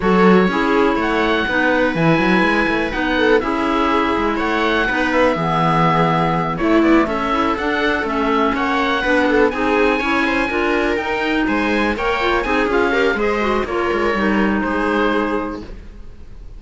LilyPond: <<
  \new Staff \with { instrumentName = "oboe" } { \time 4/4 \tempo 4 = 123 cis''2 fis''2 | gis''2 fis''4 e''4~ | e''4 fis''4. e''4.~ | e''4. cis''8 d''8 e''4 fis''8~ |
fis''8 e''4 fis''2 gis''8~ | gis''2~ gis''8 g''4 gis''8~ | gis''8 g''4 gis''8 f''4 dis''4 | cis''2 c''2 | }
  \new Staff \with { instrumentName = "viola" } { \time 4/4 a'4 gis'4 cis''4 b'4~ | b'2~ b'8 a'8 gis'4~ | gis'4 cis''4 b'4 gis'4~ | gis'4. e'4 a'4.~ |
a'4. cis''4 b'8 a'8 gis'8~ | gis'8 cis''8 c''8 ais'2 c''8~ | c''8 cis''4 gis'4 ais'8 c''4 | ais'2 gis'2 | }
  \new Staff \with { instrumentName = "clarinet" } { \time 4/4 fis'4 e'2 dis'4 | e'2 dis'4 e'4~ | e'2 dis'4 b4~ | b4. a4. e'8 d'8~ |
d'8 cis'2 d'4 dis'8~ | dis'8 e'4 f'4 dis'4.~ | dis'8 ais'8 f'8 dis'8 f'8 g'8 gis'8 fis'8 | f'4 dis'2. | }
  \new Staff \with { instrumentName = "cello" } { \time 4/4 fis4 cis'4 a4 b4 | e8 fis8 gis8 a8 b4 cis'4~ | cis'8 gis8 a4 b4 e4~ | e4. a8 b8 cis'4 d'8~ |
d'8 a4 ais4 b4 c'8~ | c'8 cis'4 d'4 dis'4 gis8~ | gis8 ais4 c'8 cis'4 gis4 | ais8 gis8 g4 gis2 | }
>>